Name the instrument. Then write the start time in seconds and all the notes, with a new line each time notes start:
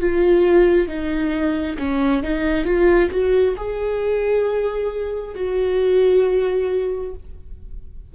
viola
0.00 F4
0.88 D#4
1.78 C#4
2.23 D#4
2.65 F4
3.10 F#4
3.57 G#4
5.35 F#4